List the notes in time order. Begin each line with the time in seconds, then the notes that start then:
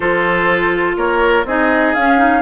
0.00 F3 F4 A4 C5
0.96 A#3 A#4 C#5
1.45 C4 D#4 G#4 D#5
1.93 C#4 F5
2.18 D#4